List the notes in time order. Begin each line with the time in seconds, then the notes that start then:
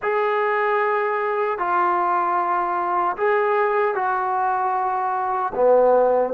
0.02 G#4
1.58 F4
3.16 G#4
3.95 F#4
5.54 B3